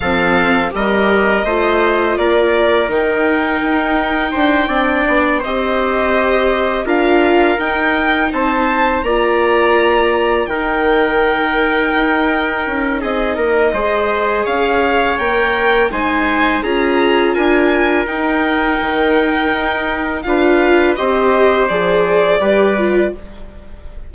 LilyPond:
<<
  \new Staff \with { instrumentName = "violin" } { \time 4/4 \tempo 4 = 83 f''4 dis''2 d''4 | g''2.~ g''8 dis''8~ | dis''4. f''4 g''4 a''8~ | a''8 ais''2 g''4.~ |
g''2 dis''2 | f''4 g''4 gis''4 ais''4 | gis''4 g''2. | f''4 dis''4 d''2 | }
  \new Staff \with { instrumentName = "trumpet" } { \time 4/4 a'4 ais'4 c''4 ais'4~ | ais'2 c''8 d''4 c''8~ | c''4. ais'2 c''8~ | c''8 d''2 ais'4.~ |
ais'2 gis'8 ais'8 c''4 | cis''2 c''4 gis'4 | ais'1 | b'4 c''2 b'4 | }
  \new Staff \with { instrumentName = "viola" } { \time 4/4 c'4 g'4 f'2 | dis'2~ dis'8 d'4 g'8~ | g'4. f'4 dis'4.~ | dis'8 f'2 dis'4.~ |
dis'2. gis'4~ | gis'4 ais'4 dis'4 f'4~ | f'4 dis'2. | f'4 g'4 gis'4 g'8 f'8 | }
  \new Staff \with { instrumentName = "bassoon" } { \time 4/4 f4 g4 a4 ais4 | dis4 dis'4 d'8 c'8 b8 c'8~ | c'4. d'4 dis'4 c'8~ | c'8 ais2 dis4.~ |
dis8 dis'4 cis'8 c'8 ais8 gis4 | cis'4 ais4 gis4 cis'4 | d'4 dis'4 dis4 dis'4 | d'4 c'4 f4 g4 | }
>>